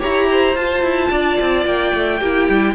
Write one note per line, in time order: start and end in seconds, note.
0.00 0.56 E4
0.00 0.55 G4
0.00 0.27 C#5
0.00 0.57 A#5
0.31 1.11 C5
0.56 0.83 F4
0.56 2.20 F4
0.56 1.66 A5
0.83 1.10 E4
1.11 1.38 D4
1.11 2.20 D5
1.41 1.65 C4
1.65 1.93 A#3
1.65 2.75 G5
1.94 2.21 A3
2.20 2.48 A#3
2.20 2.75 E4
2.20 2.74 G4
2.50 2.75 G3